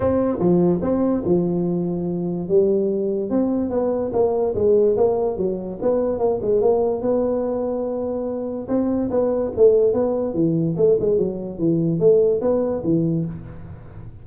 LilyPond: \new Staff \with { instrumentName = "tuba" } { \time 4/4 \tempo 4 = 145 c'4 f4 c'4 f4~ | f2 g2 | c'4 b4 ais4 gis4 | ais4 fis4 b4 ais8 gis8 |
ais4 b2.~ | b4 c'4 b4 a4 | b4 e4 a8 gis8 fis4 | e4 a4 b4 e4 | }